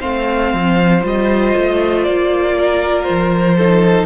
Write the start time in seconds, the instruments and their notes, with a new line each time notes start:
0.00 cello A3, viola C4, violin C5 F5
0.53 cello F3
1.01 cello G3, viola F4, violin D#5
1.57 cello A3
2.04 cello A#3, violin D5
2.58 violin A#4
3.03 cello F3, violin C5
3.57 viola D#4, violin A4